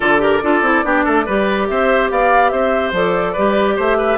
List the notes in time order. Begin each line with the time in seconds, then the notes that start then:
0.00 D3 F4 A4 D5
0.18 G4 A#4
0.42 D4 F4 A4
0.61 C4 E4
0.83 B3 D4 G4
1.04 A3 A4
1.25 G3 G4 B4
1.67 C4 C5 E5
2.10 B3 D5 F5
2.49 C4 C5 E5
2.92 F3 A4 D5
3.32 G3 G4 B4
3.76 A3 C5 E5
3.97 B4